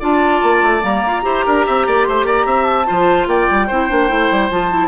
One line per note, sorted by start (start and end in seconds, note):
0.00 0.42 D4
0.00 0.82 F4
0.00 1.22 D5
0.00 0.84 A5
0.43 0.63 A#3
0.63 0.83 A3
0.82 1.04 G3
0.82 1.22 A#3
0.82 2.03 A#5
1.07 1.25 F4
1.22 1.45 E4
1.22 2.85 G4
1.22 1.46 C5
1.46 1.67 D4
1.46 1.66 A#4
1.66 1.87 C4
1.66 1.87 E5
1.87 2.08 A#3
1.87 2.08 D5
2.03 2.24 A3
2.03 2.26 C5
2.03 2.24 C6
2.24 2.45 A#3
2.24 2.46 D5
2.24 2.65 A#5
2.46 2.87 C4
2.46 2.87 E5
2.65 3.26 A5
2.86 3.27 F3
2.86 3.68 F4
2.86 3.28 C5
3.27 3.47 A#3
3.27 3.67 D5
3.27 4.51 G5
3.51 3.70 G3
3.67 3.91 C4
3.67 3.89 E4
3.67 4.88 C5
3.89 4.11 A#3
3.89 4.08 D4
4.08 4.31 A3
4.08 4.49 E4
4.31 4.50 G3
4.50 4.88 F3
4.50 4.71 F4
4.50 4.88 A5
4.71 4.88 E4